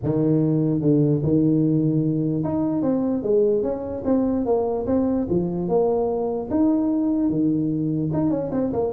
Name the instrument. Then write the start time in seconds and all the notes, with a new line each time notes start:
tuba
0.03 D#3
0.81 D3
1.23 D#3
2.43 D#4
2.82 C4
3.22 G#3
3.62 C#4
4.04 C4
4.45 A#3
4.86 C4
5.29 F3
5.68 A#3
6.50 D#4
7.29 D#3
8.13 D#4
8.30 C#4
8.52 C4
8.73 A#3